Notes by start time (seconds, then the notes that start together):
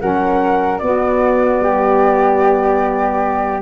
0.00 F#3 C#4 A#4 F#5
0.78 B3 F#4 D5
1.60 G3 G4